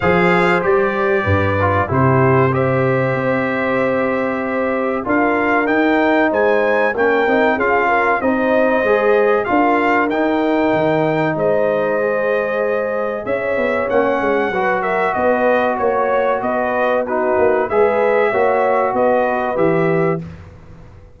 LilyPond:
<<
  \new Staff \with { instrumentName = "trumpet" } { \time 4/4 \tempo 4 = 95 f''4 d''2 c''4 | e''1 | f''4 g''4 gis''4 g''4 | f''4 dis''2 f''4 |
g''2 dis''2~ | dis''4 e''4 fis''4. e''8 | dis''4 cis''4 dis''4 b'4 | e''2 dis''4 e''4 | }
  \new Staff \with { instrumentName = "horn" } { \time 4/4 c''2 b'4 g'4 | c''1 | ais'2 c''4 ais'4 | gis'8 ais'8 c''2 ais'4~ |
ais'2 c''2~ | c''4 cis''2 b'8 ais'8 | b'4 cis''4 b'4 fis'4 | b'4 cis''4 b'2 | }
  \new Staff \with { instrumentName = "trombone" } { \time 4/4 gis'4 g'4. f'8 e'4 | g'1 | f'4 dis'2 cis'8 dis'8 | f'4 dis'4 gis'4 f'4 |
dis'2. gis'4~ | gis'2 cis'4 fis'4~ | fis'2. dis'4 | gis'4 fis'2 g'4 | }
  \new Staff \with { instrumentName = "tuba" } { \time 4/4 f4 g4 g,4 c4~ | c4 c'2. | d'4 dis'4 gis4 ais8 c'8 | cis'4 c'4 gis4 d'4 |
dis'4 dis4 gis2~ | gis4 cis'8 b8 ais8 gis8 fis4 | b4 ais4 b4. ais8 | gis4 ais4 b4 e4 | }
>>